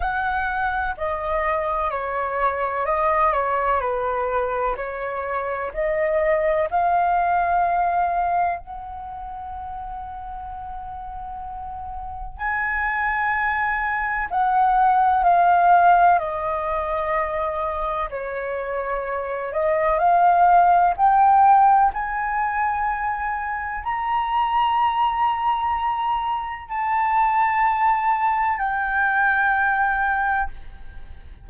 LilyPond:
\new Staff \with { instrumentName = "flute" } { \time 4/4 \tempo 4 = 63 fis''4 dis''4 cis''4 dis''8 cis''8 | b'4 cis''4 dis''4 f''4~ | f''4 fis''2.~ | fis''4 gis''2 fis''4 |
f''4 dis''2 cis''4~ | cis''8 dis''8 f''4 g''4 gis''4~ | gis''4 ais''2. | a''2 g''2 | }